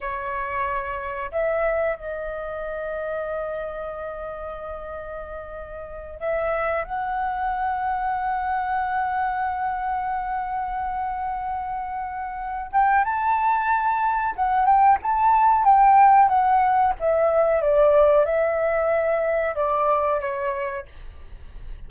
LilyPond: \new Staff \with { instrumentName = "flute" } { \time 4/4 \tempo 4 = 92 cis''2 e''4 dis''4~ | dis''1~ | dis''4. e''4 fis''4.~ | fis''1~ |
fis''2.~ fis''8 g''8 | a''2 fis''8 g''8 a''4 | g''4 fis''4 e''4 d''4 | e''2 d''4 cis''4 | }